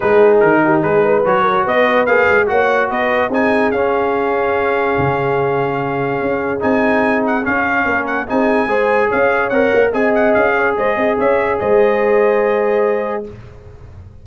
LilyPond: <<
  \new Staff \with { instrumentName = "trumpet" } { \time 4/4 \tempo 4 = 145 b'4 ais'4 b'4 cis''4 | dis''4 f''4 fis''4 dis''4 | gis''4 f''2.~ | f''1 |
gis''4. fis''8 f''4. fis''8 | gis''2 f''4 fis''4 | gis''8 fis''8 f''4 dis''4 e''4 | dis''1 | }
  \new Staff \with { instrumentName = "horn" } { \time 4/4 gis'4. g'8 gis'8 b'4 ais'8 | b'2 cis''4 b'4 | gis'1~ | gis'1~ |
gis'2. ais'4 | gis'4 c''4 cis''2 | dis''4. cis''8 c''8 dis''8 cis''4 | c''1 | }
  \new Staff \with { instrumentName = "trombone" } { \time 4/4 dis'2. fis'4~ | fis'4 gis'4 fis'2 | dis'4 cis'2.~ | cis'1 |
dis'2 cis'2 | dis'4 gis'2 ais'4 | gis'1~ | gis'1 | }
  \new Staff \with { instrumentName = "tuba" } { \time 4/4 gis4 dis4 gis4 fis4 | b4 ais8 gis8 ais4 b4 | c'4 cis'2. | cis2. cis'4 |
c'2 cis'4 ais4 | c'4 gis4 cis'4 c'8 ais8 | c'4 cis'4 gis8 c'8 cis'4 | gis1 | }
>>